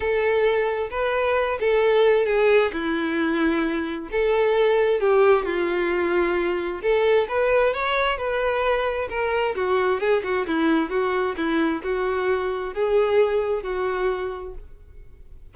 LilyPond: \new Staff \with { instrumentName = "violin" } { \time 4/4 \tempo 4 = 132 a'2 b'4. a'8~ | a'4 gis'4 e'2~ | e'4 a'2 g'4 | f'2. a'4 |
b'4 cis''4 b'2 | ais'4 fis'4 gis'8 fis'8 e'4 | fis'4 e'4 fis'2 | gis'2 fis'2 | }